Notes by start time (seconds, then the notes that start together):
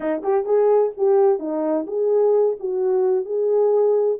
0.00 D#4
0.23 G4
0.45 G#4
0.97 G4
1.39 D#4
1.86 G#4
2.59 F#4
3.25 G#4